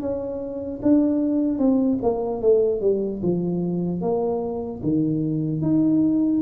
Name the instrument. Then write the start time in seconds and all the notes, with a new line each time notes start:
tuba
0.00 C#4
0.82 D4
1.58 C4
2.02 A#3
2.41 A3
2.80 G3
3.22 F3
4.01 A#3
4.82 D#3
5.61 D#4